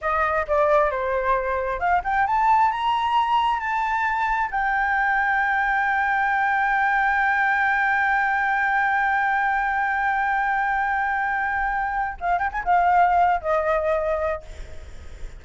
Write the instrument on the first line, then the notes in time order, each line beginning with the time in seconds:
flute
0.01 D#5
0.47 D5
0.90 C5
1.79 F5
2.04 G5
2.26 A5
2.71 A#5
3.59 A5
4.50 G5
12.20 F5
12.39 G5
12.52 G#5
12.64 F5
13.41 D#5